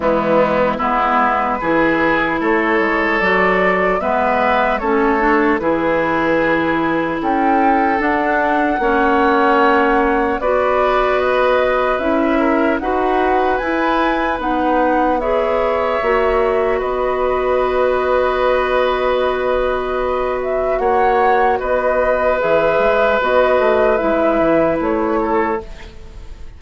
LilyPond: <<
  \new Staff \with { instrumentName = "flute" } { \time 4/4 \tempo 4 = 75 e'4 b'2 cis''4 | d''4 e''4 cis''4 b'4~ | b'4 g''4 fis''2~ | fis''4 d''4 dis''4 e''4 |
fis''4 gis''4 fis''4 e''4~ | e''4 dis''2.~ | dis''4. e''8 fis''4 dis''4 | e''4 dis''4 e''4 cis''4 | }
  \new Staff \with { instrumentName = "oboe" } { \time 4/4 b4 e'4 gis'4 a'4~ | a'4 b'4 a'4 gis'4~ | gis'4 a'2 cis''4~ | cis''4 b'2~ b'8 ais'8 |
b'2. cis''4~ | cis''4 b'2.~ | b'2 cis''4 b'4~ | b'2.~ b'8 a'8 | }
  \new Staff \with { instrumentName = "clarinet" } { \time 4/4 gis4 b4 e'2 | fis'4 b4 cis'8 d'8 e'4~ | e'2 d'4 cis'4~ | cis'4 fis'2 e'4 |
fis'4 e'4 dis'4 gis'4 | fis'1~ | fis'1 | gis'4 fis'4 e'2 | }
  \new Staff \with { instrumentName = "bassoon" } { \time 4/4 e4 gis4 e4 a8 gis8 | fis4 gis4 a4 e4~ | e4 cis'4 d'4 ais4~ | ais4 b2 cis'4 |
dis'4 e'4 b2 | ais4 b2.~ | b2 ais4 b4 | e8 gis8 b8 a8 gis8 e8 a4 | }
>>